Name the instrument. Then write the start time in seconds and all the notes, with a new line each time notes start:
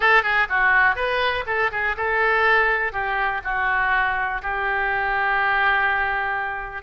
oboe
0.00 A4
0.23 G#4
0.49 F#4
0.95 B4
1.46 A4
1.71 G#4
1.96 A4
2.92 G4
3.43 F#4
4.42 G4